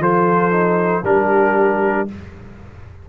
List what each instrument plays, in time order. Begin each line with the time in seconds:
0.00 tuba F3, trombone F4, horn A4, trumpet C5
0.52 trombone D#4
1.04 tuba G3, trombone D4, horn G4, trumpet A#4